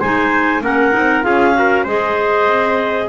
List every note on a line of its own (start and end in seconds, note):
0.00 0.62 G#3
0.00 0.62 D#4
0.00 0.62 C5
0.00 0.63 G#5
0.62 0.93 A#3
0.62 0.92 C#4
0.62 1.26 A#4
0.62 1.23 F#5
0.92 1.26 C4
0.92 1.23 D#4
1.23 1.86 C#4
1.23 1.54 F4
1.23 1.57 G#4
1.23 1.85 F5
1.54 1.85 F#4
1.54 1.84 A#4
1.84 2.47 G#3
1.84 3.09 G#4
1.84 3.08 C5
1.84 3.09 D#5
2.48 3.09 C4